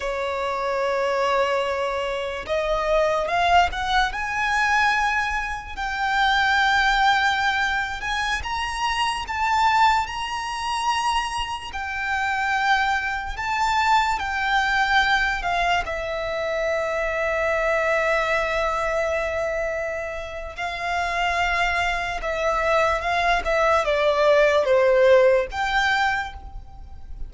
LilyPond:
\new Staff \with { instrumentName = "violin" } { \time 4/4 \tempo 4 = 73 cis''2. dis''4 | f''8 fis''8 gis''2 g''4~ | g''4.~ g''16 gis''8 ais''4 a''8.~ | a''16 ais''2 g''4.~ g''16~ |
g''16 a''4 g''4. f''8 e''8.~ | e''1~ | e''4 f''2 e''4 | f''8 e''8 d''4 c''4 g''4 | }